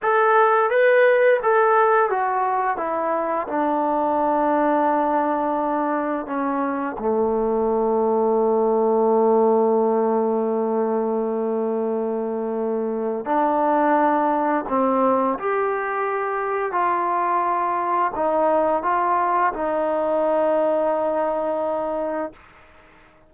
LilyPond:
\new Staff \with { instrumentName = "trombone" } { \time 4/4 \tempo 4 = 86 a'4 b'4 a'4 fis'4 | e'4 d'2.~ | d'4 cis'4 a2~ | a1~ |
a2. d'4~ | d'4 c'4 g'2 | f'2 dis'4 f'4 | dis'1 | }